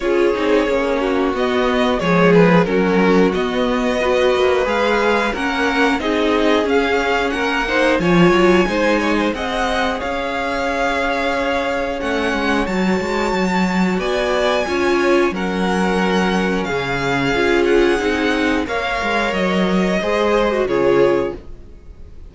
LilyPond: <<
  \new Staff \with { instrumentName = "violin" } { \time 4/4 \tempo 4 = 90 cis''2 dis''4 cis''8 b'8 | ais'4 dis''2 f''4 | fis''4 dis''4 f''4 fis''4 | gis''2 fis''4 f''4~ |
f''2 fis''4 a''4~ | a''4 gis''2 fis''4~ | fis''4 f''4. fis''4. | f''4 dis''2 cis''4 | }
  \new Staff \with { instrumentName = "violin" } { \time 4/4 gis'4. fis'4. gis'4 | fis'2 b'2 | ais'4 gis'2 ais'8 c''8 | cis''4 c''8 cis''16 c''16 dis''4 cis''4~ |
cis''1~ | cis''4 d''4 cis''4 ais'4~ | ais'4 gis'2. | cis''2 c''4 gis'4 | }
  \new Staff \with { instrumentName = "viola" } { \time 4/4 f'8 dis'8 cis'4 b4 gis4 | cis'4 b4 fis'4 gis'4 | cis'4 dis'4 cis'4. dis'8 | f'4 dis'4 gis'2~ |
gis'2 cis'4 fis'4~ | fis'2 f'4 cis'4~ | cis'2 f'4 dis'4 | ais'2 gis'8. fis'16 f'4 | }
  \new Staff \with { instrumentName = "cello" } { \time 4/4 cis'8 c'8 ais4 b4 f4 | fis4 b4. ais8 gis4 | ais4 c'4 cis'4 ais4 | f8 fis8 gis4 c'4 cis'4~ |
cis'2 a8 gis8 fis8 gis8 | fis4 b4 cis'4 fis4~ | fis4 cis4 cis'4 c'4 | ais8 gis8 fis4 gis4 cis4 | }
>>